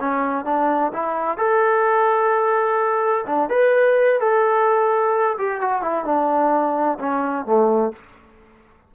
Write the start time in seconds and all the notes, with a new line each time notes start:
0.00 C#4
0.45 D4
0.93 E4
1.38 A4
3.26 D4
3.50 B4
4.20 A4
5.38 G4
5.61 F#4
5.82 E4
6.05 D4
6.99 C#4
7.46 A3